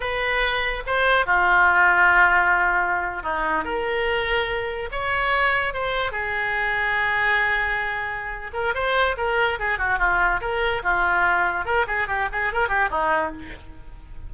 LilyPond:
\new Staff \with { instrumentName = "oboe" } { \time 4/4 \tempo 4 = 144 b'2 c''4 f'4~ | f'2.~ f'8. dis'16~ | dis'8. ais'2. cis''16~ | cis''4.~ cis''16 c''4 gis'4~ gis'16~ |
gis'1~ | gis'8 ais'8 c''4 ais'4 gis'8 fis'8 | f'4 ais'4 f'2 | ais'8 gis'8 g'8 gis'8 ais'8 g'8 dis'4 | }